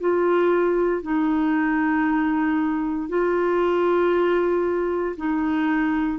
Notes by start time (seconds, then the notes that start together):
0.00 F4
1.02 D#4
3.09 F4
5.16 D#4